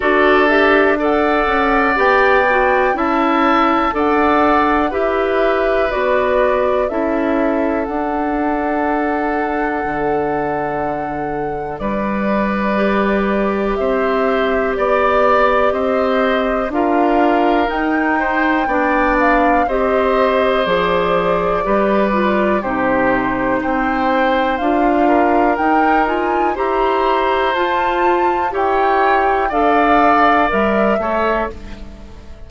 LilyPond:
<<
  \new Staff \with { instrumentName = "flute" } { \time 4/4 \tempo 4 = 61 d''8 e''8 fis''4 g''4 a''4 | fis''4 e''4 d''4 e''4 | fis''1 | d''2 e''4 d''4 |
dis''4 f''4 g''4. f''8 | dis''4 d''2 c''4 | g''4 f''4 g''8 gis''8 ais''4 | a''4 g''4 f''4 e''4 | }
  \new Staff \with { instrumentName = "oboe" } { \time 4/4 a'4 d''2 e''4 | d''4 b'2 a'4~ | a'1 | b'2 c''4 d''4 |
c''4 ais'4. c''8 d''4 | c''2 b'4 g'4 | c''4. ais'4. c''4~ | c''4 cis''4 d''4. cis''8 | }
  \new Staff \with { instrumentName = "clarinet" } { \time 4/4 fis'8 g'8 a'4 g'8 fis'8 e'4 | a'4 g'4 fis'4 e'4 | d'1~ | d'4 g'2.~ |
g'4 f'4 dis'4 d'4 | g'4 gis'4 g'8 f'8 dis'4~ | dis'4 f'4 dis'8 f'8 g'4 | f'4 g'4 a'4 ais'8 a'8 | }
  \new Staff \with { instrumentName = "bassoon" } { \time 4/4 d'4. cis'8 b4 cis'4 | d'4 e'4 b4 cis'4 | d'2 d2 | g2 c'4 b4 |
c'4 d'4 dis'4 b4 | c'4 f4 g4 c4 | c'4 d'4 dis'4 e'4 | f'4 e'4 d'4 g8 a8 | }
>>